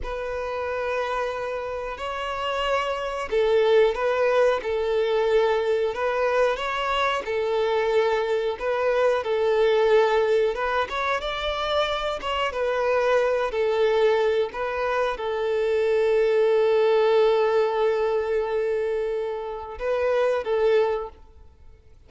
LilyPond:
\new Staff \with { instrumentName = "violin" } { \time 4/4 \tempo 4 = 91 b'2. cis''4~ | cis''4 a'4 b'4 a'4~ | a'4 b'4 cis''4 a'4~ | a'4 b'4 a'2 |
b'8 cis''8 d''4. cis''8 b'4~ | b'8 a'4. b'4 a'4~ | a'1~ | a'2 b'4 a'4 | }